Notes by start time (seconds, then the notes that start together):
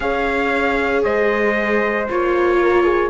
0.00 C#4 G#4 C#5 F5
1.03 G#3 C5 D#5
2.09 A#3 F4 C#5
2.62 A#4
2.84 G#4